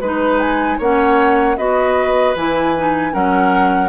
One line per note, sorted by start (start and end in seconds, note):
0.00 0.78 G#3
0.00 0.82 D#4
0.00 0.39 B4
0.00 0.78 B4
0.39 0.78 G#5
0.78 1.57 A#3
0.78 1.57 C#4
0.78 1.56 C#5
0.78 1.57 F#5
1.57 2.35 B3
1.57 2.35 F#4
1.57 3.13 B4
1.57 2.35 D#5
2.35 3.13 E3
2.35 2.75 E4
2.35 3.13 G#5
2.77 3.12 D#4
3.12 3.88 F#3
3.12 3.88 C#4
3.12 3.88 A#4
3.12 3.88 F#5